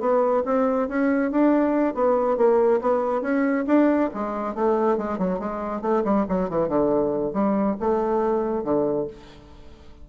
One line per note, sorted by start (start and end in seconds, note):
0.00 0.43 B3
0.46 0.88 C4
0.88 1.31 C#4
1.31 1.95 D4
1.95 2.38 B3
2.38 2.81 A#3
2.81 3.22 B3
3.22 3.65 C#4
3.67 4.10 D4
4.14 4.55 G#3
4.55 4.98 A3
4.98 5.19 G#3
5.19 5.40 F#3
5.40 5.82 G#3
5.82 6.04 A3
6.05 6.26 G3
6.29 6.50 F#3
6.50 6.69 E3
6.69 7.33 D3
7.33 7.77 G3
7.80 8.64 A3
8.64 9.07 D3